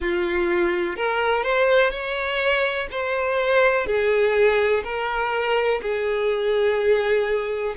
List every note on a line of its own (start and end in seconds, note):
0.00 0.96 F4
0.96 1.43 A#4
1.43 1.90 C5
1.90 2.87 C#5
2.91 3.86 C5
3.86 4.83 G#4
4.83 5.80 A#4
5.82 7.75 G#4